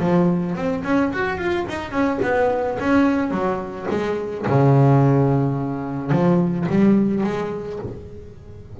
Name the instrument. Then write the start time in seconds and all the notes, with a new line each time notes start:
double bass
0.00 F3
0.55 C4
0.84 C#4
1.13 F#4
1.38 F4
1.69 D#4
1.91 C#4
2.23 B3
2.80 C#4
3.31 F#3
3.91 G#3
4.47 C#3
6.11 F3
6.69 G3
7.24 G#3